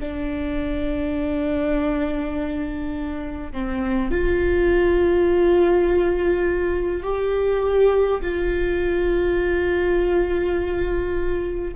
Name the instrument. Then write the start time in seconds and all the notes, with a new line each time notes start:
viola
0.00 D4
3.52 C4
4.11 F4
7.03 G4
8.21 F4